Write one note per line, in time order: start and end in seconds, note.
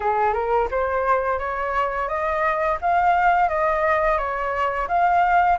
0.00 0.33 G#4
0.33 0.68 A#4
0.70 1.38 C5
1.38 2.08 C#5
2.08 2.77 D#5
2.81 3.49 F5
3.49 4.17 D#5
4.17 4.87 C#5
4.88 5.58 F5